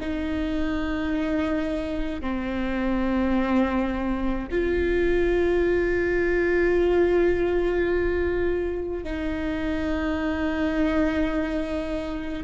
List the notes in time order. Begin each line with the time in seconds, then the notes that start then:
0.00 D#4
2.21 C4
4.51 F4
9.04 D#4